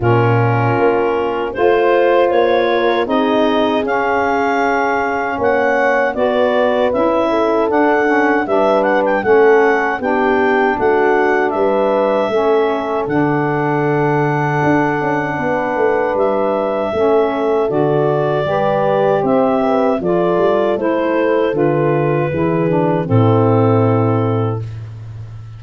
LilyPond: <<
  \new Staff \with { instrumentName = "clarinet" } { \time 4/4 \tempo 4 = 78 ais'2 c''4 cis''4 | dis''4 f''2 fis''4 | d''4 e''4 fis''4 e''8 fis''16 g''16 | fis''4 g''4 fis''4 e''4~ |
e''4 fis''2.~ | fis''4 e''2 d''4~ | d''4 e''4 d''4 c''4 | b'2 a'2 | }
  \new Staff \with { instrumentName = "horn" } { \time 4/4 f'2 c''4. ais'8 | gis'2. cis''4 | b'4. a'4. b'4 | a'4 g'4 fis'4 b'4 |
a'1 | b'2 a'2 | b'4 c''8 b'8 a'2~ | a'4 gis'4 e'2 | }
  \new Staff \with { instrumentName = "saxophone" } { \time 4/4 cis'2 f'2 | dis'4 cis'2. | fis'4 e'4 d'8 cis'8 d'4 | cis'4 d'2. |
cis'4 d'2.~ | d'2 cis'4 fis'4 | g'2 f'4 e'4 | f'4 e'8 d'8 c'2 | }
  \new Staff \with { instrumentName = "tuba" } { \time 4/4 ais,4 ais4 a4 ais4 | c'4 cis'2 ais4 | b4 cis'4 d'4 g4 | a4 b4 a4 g4 |
a4 d2 d'8 cis'8 | b8 a8 g4 a4 d4 | g4 c'4 f8 g8 a4 | d4 e4 a,2 | }
>>